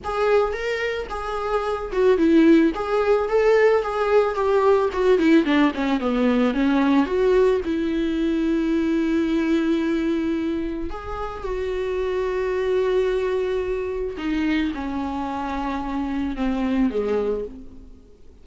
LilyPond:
\new Staff \with { instrumentName = "viola" } { \time 4/4 \tempo 4 = 110 gis'4 ais'4 gis'4. fis'8 | e'4 gis'4 a'4 gis'4 | g'4 fis'8 e'8 d'8 cis'8 b4 | cis'4 fis'4 e'2~ |
e'1 | gis'4 fis'2.~ | fis'2 dis'4 cis'4~ | cis'2 c'4 gis4 | }